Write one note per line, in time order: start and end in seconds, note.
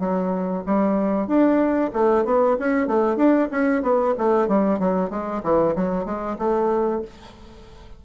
0.00 0.64 F#3
0.66 1.27 G3
1.27 1.91 D4
1.94 2.25 A3
2.25 2.57 B3
2.60 2.88 C#4
2.88 3.17 A3
3.17 3.49 D4
3.52 3.83 C#4
3.83 4.15 B3
4.18 4.49 A3
4.49 4.79 G3
4.79 5.10 F#3
5.10 5.42 G#3
5.44 5.76 E3
5.76 6.06 F#3
6.06 6.37 G#3
6.39 7.02 A3